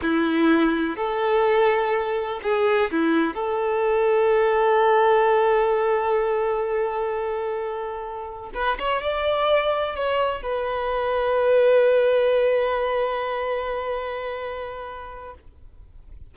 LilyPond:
\new Staff \with { instrumentName = "violin" } { \time 4/4 \tempo 4 = 125 e'2 a'2~ | a'4 gis'4 e'4 a'4~ | a'1~ | a'1~ |
a'4.~ a'16 b'8 cis''8 d''4~ d''16~ | d''8. cis''4 b'2~ b'16~ | b'1~ | b'1 | }